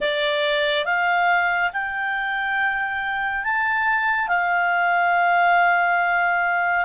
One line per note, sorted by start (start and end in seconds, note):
0.00 0.85 D5
0.85 1.71 F5
1.73 3.44 G5
3.44 4.27 A5
4.27 6.85 F5